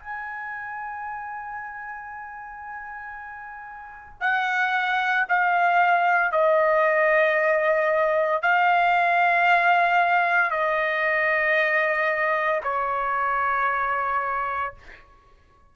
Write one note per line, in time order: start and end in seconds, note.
0.00 4.21 G#5
4.21 5.26 F#5
5.29 6.32 F5
6.32 8.43 D#5
8.43 10.51 F5
10.51 12.61 D#5
12.64 14.74 C#5